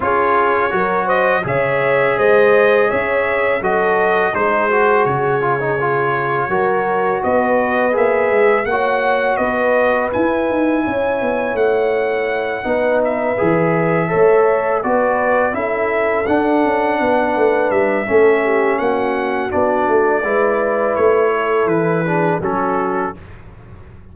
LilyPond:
<<
  \new Staff \with { instrumentName = "trumpet" } { \time 4/4 \tempo 4 = 83 cis''4. dis''8 e''4 dis''4 | e''4 dis''4 c''4 cis''4~ | cis''2 dis''4 e''4 | fis''4 dis''4 gis''2 |
fis''2 e''2~ | e''8 d''4 e''4 fis''4.~ | fis''8 e''4. fis''4 d''4~ | d''4 cis''4 b'4 a'4 | }
  \new Staff \with { instrumentName = "horn" } { \time 4/4 gis'4 ais'8 c''8 cis''4 c''4 | cis''4 a'4 gis'2~ | gis'4 ais'4 b'2 | cis''4 b'2 cis''4~ |
cis''4. b'2 cis''8~ | cis''8 b'4 a'2 b'8~ | b'4 a'8 g'8 fis'2 | b'4. a'4 gis'8 fis'4 | }
  \new Staff \with { instrumentName = "trombone" } { \time 4/4 f'4 fis'4 gis'2~ | gis'4 fis'4 dis'8 fis'4 f'16 dis'16 | f'4 fis'2 gis'4 | fis'2 e'2~ |
e'4. dis'4 gis'4 a'8~ | a'8 fis'4 e'4 d'4.~ | d'4 cis'2 d'4 | e'2~ e'8 d'8 cis'4 | }
  \new Staff \with { instrumentName = "tuba" } { \time 4/4 cis'4 fis4 cis4 gis4 | cis'4 fis4 gis4 cis4~ | cis4 fis4 b4 ais8 gis8 | ais4 b4 e'8 dis'8 cis'8 b8 |
a4. b4 e4 a8~ | a8 b4 cis'4 d'8 cis'8 b8 | a8 g8 a4 ais4 b8 a8 | gis4 a4 e4 fis4 | }
>>